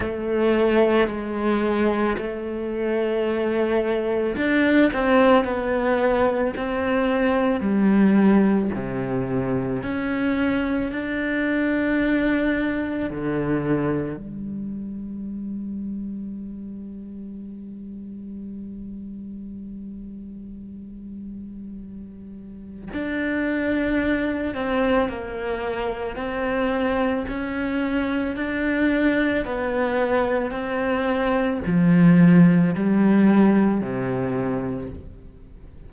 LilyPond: \new Staff \with { instrumentName = "cello" } { \time 4/4 \tempo 4 = 55 a4 gis4 a2 | d'8 c'8 b4 c'4 g4 | c4 cis'4 d'2 | d4 g2.~ |
g1~ | g4 d'4. c'8 ais4 | c'4 cis'4 d'4 b4 | c'4 f4 g4 c4 | }